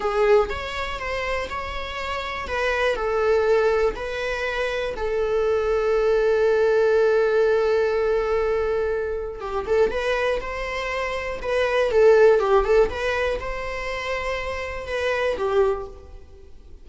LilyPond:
\new Staff \with { instrumentName = "viola" } { \time 4/4 \tempo 4 = 121 gis'4 cis''4 c''4 cis''4~ | cis''4 b'4 a'2 | b'2 a'2~ | a'1~ |
a'2. g'8 a'8 | b'4 c''2 b'4 | a'4 g'8 a'8 b'4 c''4~ | c''2 b'4 g'4 | }